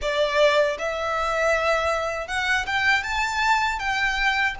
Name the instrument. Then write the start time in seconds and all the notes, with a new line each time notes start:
violin
0.01 D5
0.78 E5
2.28 F#5
2.66 G5
3.03 A5
3.79 G5